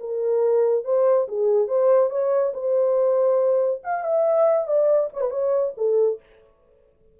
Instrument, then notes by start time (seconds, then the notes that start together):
horn
0.00 A#4
0.85 C5
1.28 G#4
1.68 C5
2.10 C#5
2.54 C5
3.84 F5
4.04 E5
4.67 D5
5.14 C#5
5.21 B4
5.31 C#5
5.77 A4